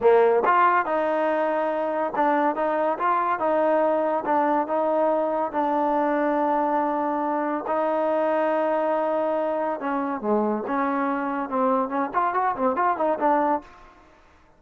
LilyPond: \new Staff \with { instrumentName = "trombone" } { \time 4/4 \tempo 4 = 141 ais4 f'4 dis'2~ | dis'4 d'4 dis'4 f'4 | dis'2 d'4 dis'4~ | dis'4 d'2.~ |
d'2 dis'2~ | dis'2. cis'4 | gis4 cis'2 c'4 | cis'8 f'8 fis'8 c'8 f'8 dis'8 d'4 | }